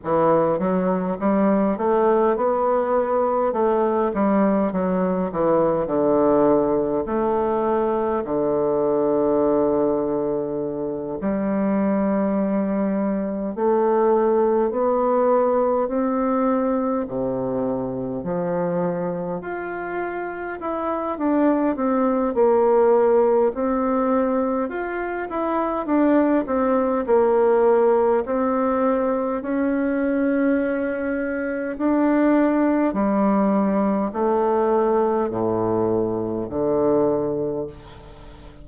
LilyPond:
\new Staff \with { instrumentName = "bassoon" } { \time 4/4 \tempo 4 = 51 e8 fis8 g8 a8 b4 a8 g8 | fis8 e8 d4 a4 d4~ | d4. g2 a8~ | a8 b4 c'4 c4 f8~ |
f8 f'4 e'8 d'8 c'8 ais4 | c'4 f'8 e'8 d'8 c'8 ais4 | c'4 cis'2 d'4 | g4 a4 a,4 d4 | }